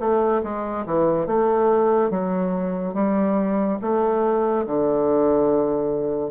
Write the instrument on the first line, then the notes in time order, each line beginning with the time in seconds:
bassoon
0.00 A3
0.44 G#3
0.86 E3
1.27 A3
2.11 F#3
2.95 G3
3.82 A3
4.67 D3